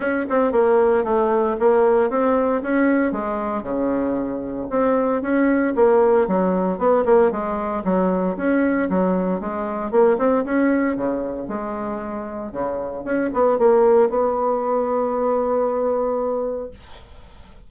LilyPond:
\new Staff \with { instrumentName = "bassoon" } { \time 4/4 \tempo 4 = 115 cis'8 c'8 ais4 a4 ais4 | c'4 cis'4 gis4 cis4~ | cis4 c'4 cis'4 ais4 | fis4 b8 ais8 gis4 fis4 |
cis'4 fis4 gis4 ais8 c'8 | cis'4 cis4 gis2 | cis4 cis'8 b8 ais4 b4~ | b1 | }